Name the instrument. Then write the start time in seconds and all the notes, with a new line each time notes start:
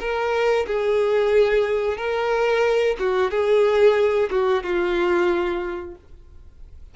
violin
0.00 A#4
0.67 G#4
1.97 A#4
2.99 F#4
3.31 G#4
4.30 F#4
4.63 F4